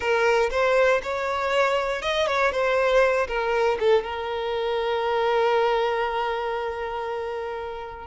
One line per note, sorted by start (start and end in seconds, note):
0.00 0.50 A#4
0.50 1.01 C5
1.02 2.02 C#5
2.02 2.26 D#5
2.26 2.51 C#5
2.51 3.27 C5
3.27 3.77 A#4
3.79 4.03 A4
4.03 8.06 A#4